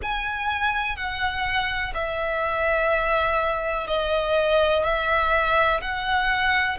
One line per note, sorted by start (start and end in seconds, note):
0.02 0.96 G#5
0.96 1.93 F#5
1.94 3.87 E5
3.87 4.84 D#5
4.84 5.81 E5
5.81 6.77 F#5